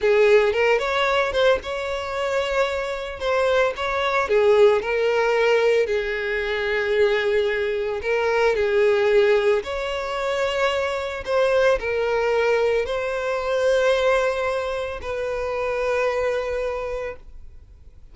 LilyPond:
\new Staff \with { instrumentName = "violin" } { \time 4/4 \tempo 4 = 112 gis'4 ais'8 cis''4 c''8 cis''4~ | cis''2 c''4 cis''4 | gis'4 ais'2 gis'4~ | gis'2. ais'4 |
gis'2 cis''2~ | cis''4 c''4 ais'2 | c''1 | b'1 | }